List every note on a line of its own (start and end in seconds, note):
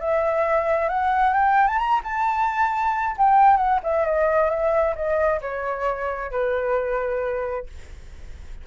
0.00 0.89 E5
0.89 1.33 F#5
1.33 1.67 G5
1.67 1.78 A5
1.78 2.01 A#5
2.03 3.16 A5
3.17 3.57 G5
3.57 3.79 F#5
3.83 4.05 E5
4.05 4.50 D#5
4.50 4.95 E5
4.95 5.40 D#5
5.41 6.31 C#5
6.31 7.66 B4